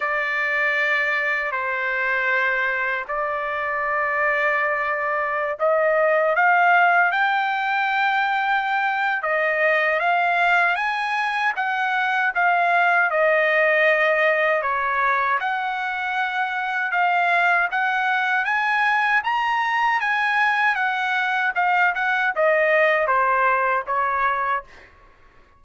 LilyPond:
\new Staff \with { instrumentName = "trumpet" } { \time 4/4 \tempo 4 = 78 d''2 c''2 | d''2.~ d''16 dis''8.~ | dis''16 f''4 g''2~ g''8. | dis''4 f''4 gis''4 fis''4 |
f''4 dis''2 cis''4 | fis''2 f''4 fis''4 | gis''4 ais''4 gis''4 fis''4 | f''8 fis''8 dis''4 c''4 cis''4 | }